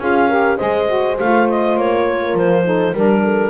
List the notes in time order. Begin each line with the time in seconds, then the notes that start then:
0.00 C#4 F4 G#4 F5
0.29 G4 A#4
0.57 G#3 G#4 C5 D#5
0.87 F#4
1.19 A3 F4 F5
1.49 D#5
1.77 A#3 C#5
2.10 A#4
2.35 F3 C5
2.65 D#4 A4
2.94 G3 D4 A#4
3.25 A4